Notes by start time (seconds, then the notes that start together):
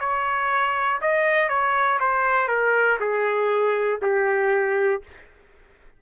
0.00 C#5
1.01 D#5
1.49 C#5
2.00 C5
2.48 A#4
3.00 G#4
4.02 G4